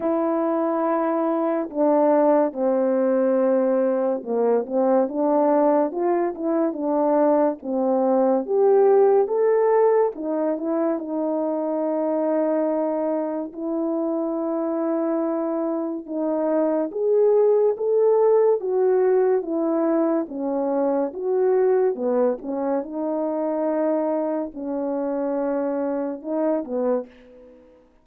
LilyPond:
\new Staff \with { instrumentName = "horn" } { \time 4/4 \tempo 4 = 71 e'2 d'4 c'4~ | c'4 ais8 c'8 d'4 f'8 e'8 | d'4 c'4 g'4 a'4 | dis'8 e'8 dis'2. |
e'2. dis'4 | gis'4 a'4 fis'4 e'4 | cis'4 fis'4 b8 cis'8 dis'4~ | dis'4 cis'2 dis'8 b8 | }